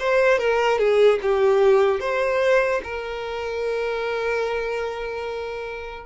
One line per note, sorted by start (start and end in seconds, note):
0.00 0.39 C5
0.39 0.79 A#4
0.79 1.19 G#4
1.22 2.00 G4
2.00 2.82 C5
2.84 6.06 A#4